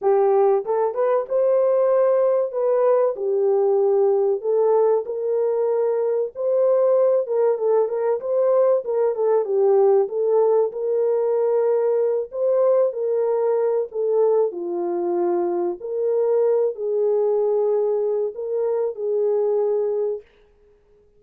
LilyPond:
\new Staff \with { instrumentName = "horn" } { \time 4/4 \tempo 4 = 95 g'4 a'8 b'8 c''2 | b'4 g'2 a'4 | ais'2 c''4. ais'8 | a'8 ais'8 c''4 ais'8 a'8 g'4 |
a'4 ais'2~ ais'8 c''8~ | c''8 ais'4. a'4 f'4~ | f'4 ais'4. gis'4.~ | gis'4 ais'4 gis'2 | }